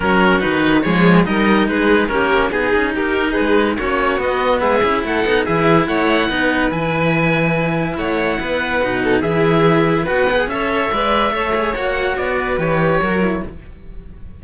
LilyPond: <<
  \new Staff \with { instrumentName = "oboe" } { \time 4/4 \tempo 4 = 143 ais'4 b'4 cis''4 dis''4 | b'4 ais'4 gis'4 ais'4 | b'4 cis''4 dis''4 e''4 | fis''4 e''4 fis''2 |
gis''2. fis''4~ | fis''2 e''2 | fis''4 e''2. | fis''4 d''4 cis''2 | }
  \new Staff \with { instrumentName = "violin" } { \time 4/4 fis'2 gis'4 ais'4 | gis'4 g'4 gis'4 g'4 | gis'4 fis'2 gis'4 | a'4 gis'4 cis''4 b'4~ |
b'2. cis''4 | b'4. a'8 gis'2 | b'4 cis''4 d''4 cis''4~ | cis''4. b'4. ais'4 | }
  \new Staff \with { instrumentName = "cello" } { \time 4/4 cis'4 dis'4 gis4 dis'4~ | dis'4 cis'4 dis'2~ | dis'4 cis'4 b4. e'8~ | e'8 dis'8 e'2 dis'4 |
e'1~ | e'4 dis'4 e'2 | fis'8 gis'8 a'4 b'4 a'8 gis'8 | fis'2 g'4 fis'8 e'8 | }
  \new Staff \with { instrumentName = "cello" } { \time 4/4 fis4 dis4 f4 g4 | gis4 ais4 b8 cis'8 dis'4 | gis4 ais4 b4 gis8 cis'8 | a8 b8 e4 a4 b4 |
e2. a4 | b4 b,4 e2 | b4 cis'4 gis4 a4 | ais4 b4 e4 fis4 | }
>>